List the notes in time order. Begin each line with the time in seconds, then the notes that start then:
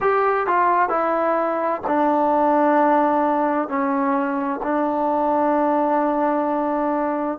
0.00 G4
0.47 F4
0.89 E4
1.87 D4
3.68 C#4
4.62 D4